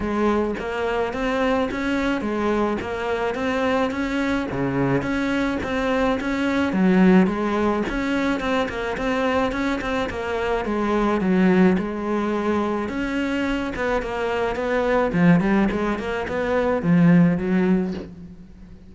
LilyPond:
\new Staff \with { instrumentName = "cello" } { \time 4/4 \tempo 4 = 107 gis4 ais4 c'4 cis'4 | gis4 ais4 c'4 cis'4 | cis4 cis'4 c'4 cis'4 | fis4 gis4 cis'4 c'8 ais8 |
c'4 cis'8 c'8 ais4 gis4 | fis4 gis2 cis'4~ | cis'8 b8 ais4 b4 f8 g8 | gis8 ais8 b4 f4 fis4 | }